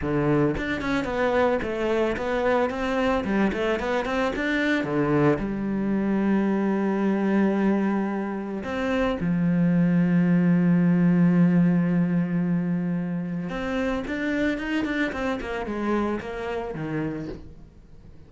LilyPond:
\new Staff \with { instrumentName = "cello" } { \time 4/4 \tempo 4 = 111 d4 d'8 cis'8 b4 a4 | b4 c'4 g8 a8 b8 c'8 | d'4 d4 g2~ | g1 |
c'4 f2.~ | f1~ | f4 c'4 d'4 dis'8 d'8 | c'8 ais8 gis4 ais4 dis4 | }